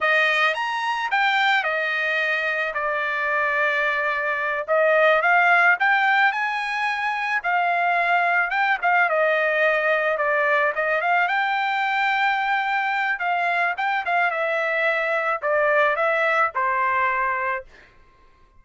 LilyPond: \new Staff \with { instrumentName = "trumpet" } { \time 4/4 \tempo 4 = 109 dis''4 ais''4 g''4 dis''4~ | dis''4 d''2.~ | d''8 dis''4 f''4 g''4 gis''8~ | gis''4. f''2 g''8 |
f''8 dis''2 d''4 dis''8 | f''8 g''2.~ g''8 | f''4 g''8 f''8 e''2 | d''4 e''4 c''2 | }